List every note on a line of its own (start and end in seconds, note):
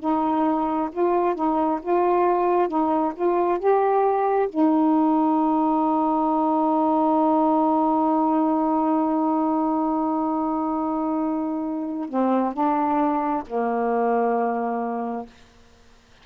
0.00 0.90 D#4
0.92 1.35 F4
1.35 1.80 D#4
1.82 2.68 F4
2.68 3.13 D#4
3.15 3.59 F4
3.59 4.49 G4
4.49 12.09 D#4
12.09 12.53 C4
12.53 13.43 D4
13.47 15.26 A#3